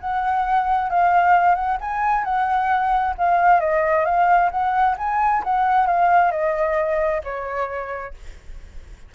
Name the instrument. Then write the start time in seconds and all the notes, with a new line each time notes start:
flute
0.00 F#5
0.90 F5
1.55 F#5
1.80 G#5
2.24 F#5
3.18 F5
3.60 D#5
4.05 F5
4.51 F#5
4.98 G#5
5.44 F#5
5.86 F5
6.31 D#5
7.24 C#5